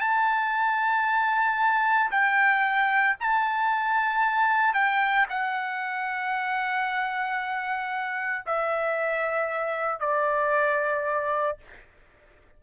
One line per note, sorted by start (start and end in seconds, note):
0.00 2.11 A5
2.11 3.16 G5
3.21 4.74 A5
4.74 5.26 G5
5.29 8.45 F#5
8.46 10.00 E5
10.00 11.58 D5